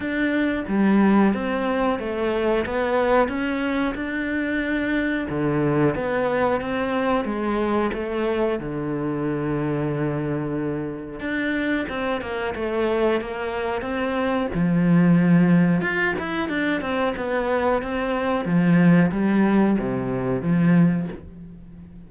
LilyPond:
\new Staff \with { instrumentName = "cello" } { \time 4/4 \tempo 4 = 91 d'4 g4 c'4 a4 | b4 cis'4 d'2 | d4 b4 c'4 gis4 | a4 d2.~ |
d4 d'4 c'8 ais8 a4 | ais4 c'4 f2 | f'8 e'8 d'8 c'8 b4 c'4 | f4 g4 c4 f4 | }